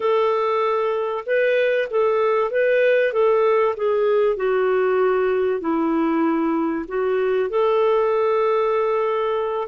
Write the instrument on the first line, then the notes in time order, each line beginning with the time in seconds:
clarinet
0.00 A4
1.26 B4
1.90 A4
2.50 B4
3.12 A4
3.76 G#4
4.36 F#4
5.60 E4
6.88 F#4
7.49 A4